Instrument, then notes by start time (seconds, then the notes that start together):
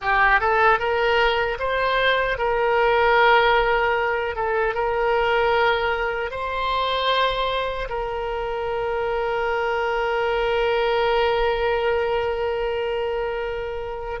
oboe
0.01 G4
0.40 A4
0.79 A#4
1.59 C5
2.38 A#4
4.35 A4
4.74 A#4
6.30 C5
7.89 A#4